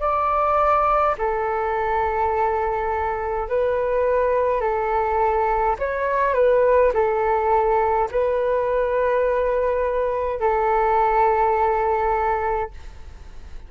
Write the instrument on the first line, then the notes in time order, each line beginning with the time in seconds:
flute
0.00 D5
1.18 A4
3.49 B4
4.61 A4
5.78 C#5
6.34 B4
6.94 A4
8.11 B4
10.40 A4